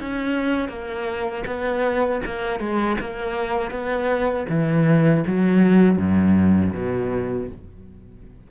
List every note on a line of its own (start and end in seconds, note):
0.00 0.69 C#4
0.69 1.44 A#3
1.46 2.21 B3
2.26 2.59 A#3
2.59 2.97 G#3
3.00 3.71 A#3
3.71 4.46 B3
4.49 5.24 E3
5.27 5.98 F#3
5.98 6.73 F#2
6.73 7.48 B2